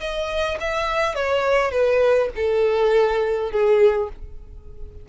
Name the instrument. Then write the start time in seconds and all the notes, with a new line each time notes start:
violin
0.00 D#5
0.60 E5
1.15 C#5
1.71 B4
2.36 A4
3.51 G#4